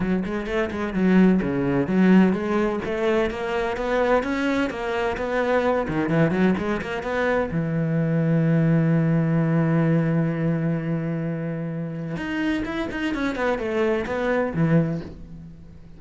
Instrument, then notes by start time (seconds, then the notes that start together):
cello
0.00 F#3
0.25 G#3
0.46 A3
0.71 G#3
0.93 F#3
1.41 C#3
1.87 F#3
2.32 G#3
2.84 A3
3.30 A#3
3.76 B3
4.23 C#4
4.70 A#3
5.17 B3
5.88 D#3
6.09 E3
6.30 F#3
6.58 G#3
6.81 A#3
7.02 B3
7.51 E3
12.16 D#4
12.65 E4
12.91 D#4
13.14 C#4
13.35 B3
13.58 A3
14.05 B3
14.54 E3